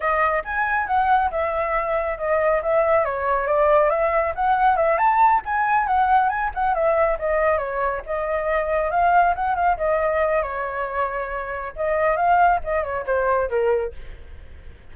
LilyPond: \new Staff \with { instrumentName = "flute" } { \time 4/4 \tempo 4 = 138 dis''4 gis''4 fis''4 e''4~ | e''4 dis''4 e''4 cis''4 | d''4 e''4 fis''4 e''8 a''8~ | a''8 gis''4 fis''4 gis''8 fis''8 e''8~ |
e''8 dis''4 cis''4 dis''4.~ | dis''8 f''4 fis''8 f''8 dis''4. | cis''2. dis''4 | f''4 dis''8 cis''8 c''4 ais'4 | }